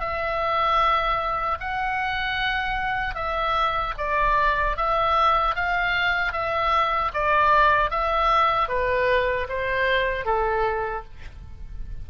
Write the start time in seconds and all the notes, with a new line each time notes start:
0.00 E5
1.60 F#5
3.15 E5
3.98 D5
4.77 E5
5.55 F5
6.33 E5
7.13 D5
7.90 E5
8.68 B4
9.49 C5
10.25 A4